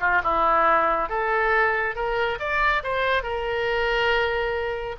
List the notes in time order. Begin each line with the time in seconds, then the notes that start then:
0.00 F4
0.24 E4
1.09 A4
1.95 A#4
2.39 D5
2.83 C5
3.23 A#4